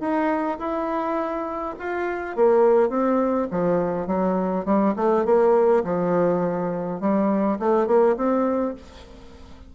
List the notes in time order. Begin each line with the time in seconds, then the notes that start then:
0.00 D#4
0.59 E4
1.79 F4
2.36 A#3
2.89 C4
3.51 F3
4.07 F#3
4.65 G3
4.96 A3
5.25 A#3
5.84 F3
7.00 G3
7.59 A3
7.87 A#3
8.16 C4